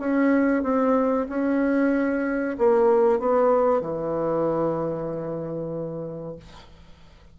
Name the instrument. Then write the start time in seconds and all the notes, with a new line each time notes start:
bassoon
0.00 C#4
0.63 C4
1.29 C#4
2.59 A#3
3.20 B3
3.81 E3